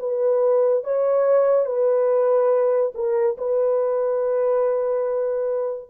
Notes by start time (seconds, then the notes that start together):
0.00 B4
0.85 C#5
1.66 B4
2.95 A#4
3.38 B4